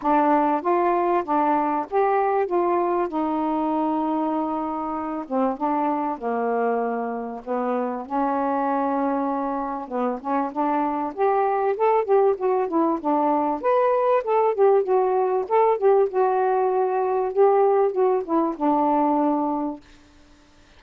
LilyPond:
\new Staff \with { instrumentName = "saxophone" } { \time 4/4 \tempo 4 = 97 d'4 f'4 d'4 g'4 | f'4 dis'2.~ | dis'8 c'8 d'4 ais2 | b4 cis'2. |
b8 cis'8 d'4 g'4 a'8 g'8 | fis'8 e'8 d'4 b'4 a'8 g'8 | fis'4 a'8 g'8 fis'2 | g'4 fis'8 e'8 d'2 | }